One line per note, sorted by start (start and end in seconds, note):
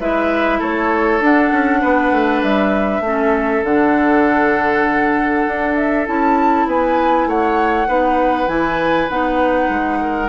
0.00 0.61 G#3
0.00 1.22 E4
0.00 0.59 B4
0.00 0.61 E5
0.59 1.21 A3
0.59 1.81 A4
0.59 1.23 C#5
1.21 1.51 D4
1.21 3.04 D4
1.21 2.43 F#5
1.52 1.83 C#4
1.81 2.12 B3
1.81 3.03 B4
2.12 2.42 A3
2.43 3.01 G3
2.43 3.64 E5
3.01 3.61 A3
3.01 3.65 C#4
3.07 6.68 A4
3.64 5.46 D3
3.64 6.06 D4
3.64 5.76 F#5
5.47 6.08 D4
5.76 6.06 E5
6.06 6.67 C#4
6.06 7.87 E4
6.06 6.68 A5
6.67 7.27 B3
6.67 7.28 B4
6.67 7.29 G#5
7.27 7.87 A3
7.27 7.88 C#5
7.27 8.48 F#5
7.87 8.48 B3
7.87 8.48 D#4
7.87 10.00 B4
8.48 9.08 E3
8.48 9.09 E4
8.48 9.09 G#5
9.09 9.69 B3
9.09 10.29 D#4
9.09 10.29 F#5
9.69 10.29 G#3
10.02 10.29 A#4